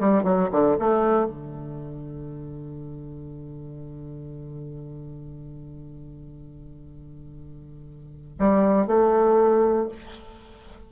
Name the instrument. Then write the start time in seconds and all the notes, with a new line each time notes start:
bassoon
0.00 G3
0.24 F#3
0.52 D3
0.79 A3
1.26 D3
8.39 G3
8.87 A3